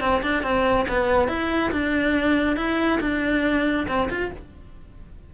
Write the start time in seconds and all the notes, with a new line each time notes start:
0.00 C4
0.22 D4
0.42 C4
0.88 B3
1.28 E4
1.71 D4
2.56 E4
3.00 D4
3.87 C4
4.09 F4